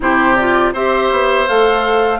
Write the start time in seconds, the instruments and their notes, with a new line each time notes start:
0.00 bassoon C3, clarinet E4, oboe G4, flute C5
0.36 clarinet F4, flute D5
0.73 bassoon C4, clarinet G4, oboe C5, flute E5
1.11 bassoon B3
1.47 bassoon A3, clarinet A4, flute F5